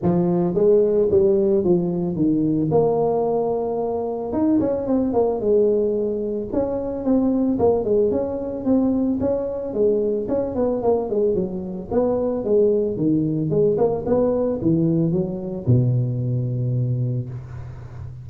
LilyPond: \new Staff \with { instrumentName = "tuba" } { \time 4/4 \tempo 4 = 111 f4 gis4 g4 f4 | dis4 ais2. | dis'8 cis'8 c'8 ais8 gis2 | cis'4 c'4 ais8 gis8 cis'4 |
c'4 cis'4 gis4 cis'8 b8 | ais8 gis8 fis4 b4 gis4 | dis4 gis8 ais8 b4 e4 | fis4 b,2. | }